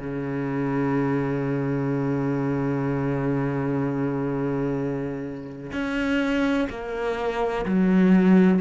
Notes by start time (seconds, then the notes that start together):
0.00 C#3
5.73 C#4
6.70 A#3
7.66 F#3